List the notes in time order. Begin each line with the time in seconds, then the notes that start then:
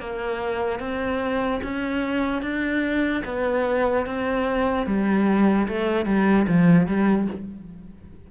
0.00 A#3
0.80 C4
1.63 C#4
2.42 D4
3.25 B3
4.06 C4
4.86 G3
5.68 A3
6.06 G3
6.48 F3
6.87 G3